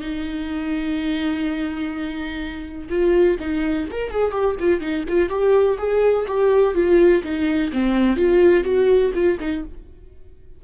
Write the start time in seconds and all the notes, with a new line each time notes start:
0.00 D#4
2.89 F4
3.39 D#4
3.91 A#4
4.10 G#4
4.31 G4
4.59 F4
4.80 D#4
5.08 F4
5.29 G4
5.78 G#4
6.27 G4
6.74 F4
7.23 D#4
7.72 C4
8.16 F4
8.64 F#4
9.14 F4
9.40 D#4